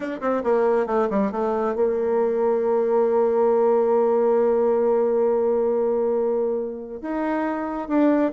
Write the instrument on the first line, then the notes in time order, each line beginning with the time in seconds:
bassoon
0.00 D4
0.21 C4
0.43 A#3
0.86 A3
1.09 G3
1.31 A3
1.75 A#3
7.01 D#4
7.88 D4